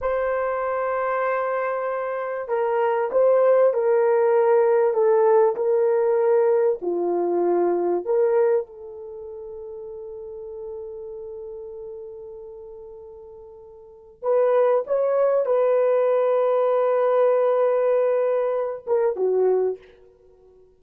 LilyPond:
\new Staff \with { instrumentName = "horn" } { \time 4/4 \tempo 4 = 97 c''1 | ais'4 c''4 ais'2 | a'4 ais'2 f'4~ | f'4 ais'4 a'2~ |
a'1~ | a'2. b'4 | cis''4 b'2.~ | b'2~ b'8 ais'8 fis'4 | }